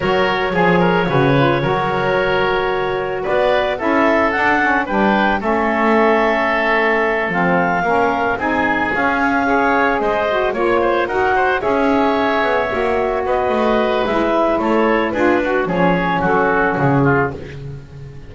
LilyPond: <<
  \new Staff \with { instrumentName = "clarinet" } { \time 4/4 \tempo 4 = 111 cis''1~ | cis''2 d''4 e''4 | fis''4 g''4 e''2~ | e''4. f''2 gis''8~ |
gis''8 f''2 dis''4 cis''8~ | cis''8 fis''4 e''2~ e''8~ | e''8 dis''4. e''4 cis''4 | b'4 cis''4 a'4 gis'4 | }
  \new Staff \with { instrumentName = "oboe" } { \time 4/4 ais'4 gis'8 ais'8 b'4 ais'4~ | ais'2 b'4 a'4~ | a'4 b'4 a'2~ | a'2~ a'8 ais'4 gis'8~ |
gis'4. cis''4 c''4 cis''8 | c''8 ais'8 c''8 cis''2~ cis''8~ | cis''8 b'2~ b'8 a'4 | gis'8 fis'8 gis'4 fis'4. f'8 | }
  \new Staff \with { instrumentName = "saxophone" } { \time 4/4 fis'4 gis'4 fis'8 f'8 fis'4~ | fis'2. e'4 | d'8 cis'8 d'4 cis'2~ | cis'4. c'4 cis'4 dis'8~ |
dis'8 cis'4 gis'4. fis'8 f'8~ | f'8 fis'4 gis'2 fis'8~ | fis'2 e'2 | f'8 fis'8 cis'2. | }
  \new Staff \with { instrumentName = "double bass" } { \time 4/4 fis4 f4 cis4 fis4~ | fis2 b4 cis'4 | d'4 g4 a2~ | a4. f4 ais4 c'8~ |
c'8 cis'2 gis4 ais8~ | ais8 dis'4 cis'4. b8 ais8~ | ais8 b8 a4 gis4 a4 | d'4 f4 fis4 cis4 | }
>>